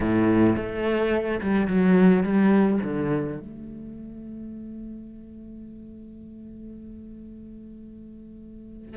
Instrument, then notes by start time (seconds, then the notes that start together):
cello
0.00 A2
0.56 A3
1.41 G3
1.67 F#3
2.23 G3
2.83 D3
3.39 A3